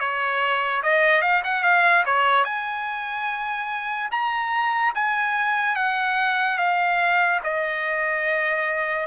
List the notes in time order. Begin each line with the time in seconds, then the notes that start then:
0.00 C#5
0.83 D#5
1.22 F5
1.44 F#5
1.63 F5
2.06 C#5
2.45 G#5
4.11 A#5
4.95 G#5
5.76 F#5
6.58 F5
7.44 D#5